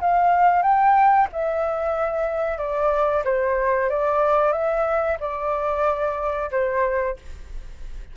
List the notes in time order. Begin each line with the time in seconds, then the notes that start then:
0.00 F5
0.62 G5
1.32 E5
2.58 D5
3.24 C5
3.89 D5
4.52 E5
5.20 D5
6.51 C5